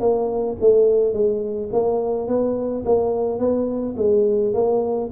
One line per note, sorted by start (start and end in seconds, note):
0.00 0.57 A#3
0.61 1.13 A3
1.13 1.70 G#3
1.73 2.28 A#3
2.28 2.84 B3
2.86 3.39 A#3
3.39 3.95 B3
3.97 4.54 G#3
4.54 5.10 A#3